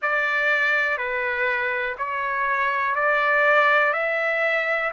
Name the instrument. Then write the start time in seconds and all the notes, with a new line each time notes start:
trumpet
0.01 D5
0.97 B4
1.98 C#5
2.95 D5
3.93 E5